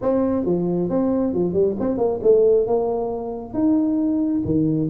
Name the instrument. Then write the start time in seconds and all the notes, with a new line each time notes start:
tuba
0.01 C4
0.45 F3
0.89 C4
1.33 F3
1.53 G3
1.79 C4
1.97 A#3
2.22 A3
2.66 A#3
3.53 D#4
4.45 D#3